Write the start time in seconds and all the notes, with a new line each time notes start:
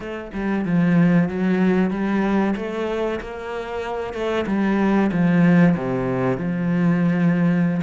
0.00 A3
0.33 G3
0.65 F3
1.29 F#3
1.90 G3
2.56 A3
3.20 A#3
4.13 A3
4.47 G3
5.12 F3
5.76 C3
6.37 F3